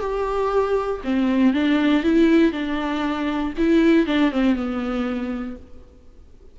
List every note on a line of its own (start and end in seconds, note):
0.00 1.01 G4
1.04 1.54 C4
1.54 2.03 D4
2.03 2.52 E4
2.52 3.53 D4
3.57 4.06 E4
4.06 4.31 D4
4.31 4.55 C4
4.55 5.56 B3